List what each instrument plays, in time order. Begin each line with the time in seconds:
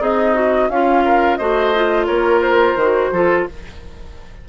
0.00 bassoon C4, oboe D#4, clarinet G#4, flute D#5
0.35 clarinet F#4
0.70 oboe C#4, bassoon C#4, clarinet F4, flute F5
1.05 oboe A#4
1.37 bassoon A3, clarinet F#4, oboe C5, flute D#5
1.75 clarinet F4
2.06 bassoon A#3, oboe A#4, flute C#5
2.41 flute C5
2.76 bassoon D#3, clarinet F#4
3.12 bassoon F3, clarinet F4, oboe A4